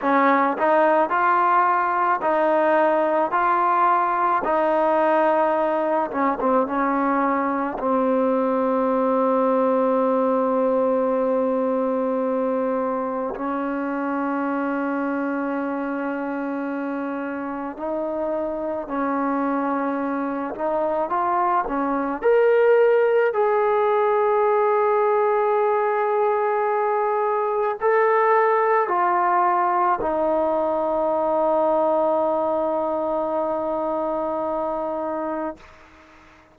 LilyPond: \new Staff \with { instrumentName = "trombone" } { \time 4/4 \tempo 4 = 54 cis'8 dis'8 f'4 dis'4 f'4 | dis'4. cis'16 c'16 cis'4 c'4~ | c'1 | cis'1 |
dis'4 cis'4. dis'8 f'8 cis'8 | ais'4 gis'2.~ | gis'4 a'4 f'4 dis'4~ | dis'1 | }